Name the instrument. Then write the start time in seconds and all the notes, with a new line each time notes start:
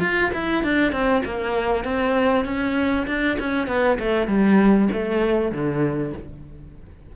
cello
0.00 F4
0.34 E4
0.63 D4
0.92 C4
1.25 A#3
1.84 C4
2.45 C#4
3.07 D4
3.39 C#4
3.67 B3
3.99 A3
4.27 G3
4.93 A3
5.52 D3